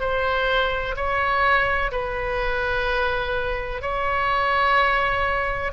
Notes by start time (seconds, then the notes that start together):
0.00 C5
0.96 C#5
1.91 B4
3.81 C#5